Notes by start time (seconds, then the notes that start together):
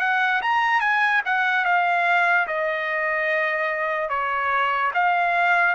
0.00 F#5
0.42 A#5
0.81 G#5
1.25 F#5
1.65 F5
2.47 D#5
4.09 C#5
4.94 F5